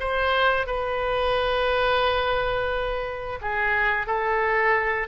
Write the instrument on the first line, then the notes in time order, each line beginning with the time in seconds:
oboe
0.00 C5
0.67 B4
3.42 G#4
4.07 A4